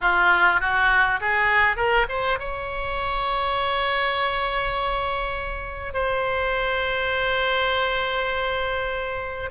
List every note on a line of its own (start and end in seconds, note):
0.01 0.60 F4
0.60 1.20 F#4
1.20 1.76 G#4
1.76 2.06 A#4
2.08 2.38 C5
2.39 5.93 C#5
5.93 9.49 C5